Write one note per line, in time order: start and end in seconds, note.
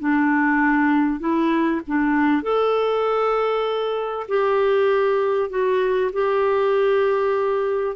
0.00 1.20 D4
1.20 1.81 E4
1.88 2.43 D4
2.43 4.27 A4
4.29 5.50 G4
5.50 6.11 F#4
6.13 7.96 G4